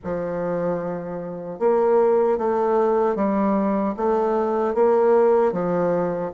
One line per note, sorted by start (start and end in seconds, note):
0.04 1.59 F3
1.59 2.38 A#3
2.38 3.15 A3
3.15 3.94 G3
3.96 4.74 A3
4.74 5.52 A#3
5.52 6.31 F3